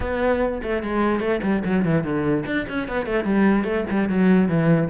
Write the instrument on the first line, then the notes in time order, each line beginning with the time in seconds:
cello
0.00 B3
0.62 A3
0.83 G#3
1.20 A3
1.42 G3
1.64 F#3
1.84 E3
2.03 D3
2.46 D4
2.68 C#4
2.88 B3
3.06 A3
3.24 G3
3.64 A3
3.89 G3
4.08 F#3
4.48 E3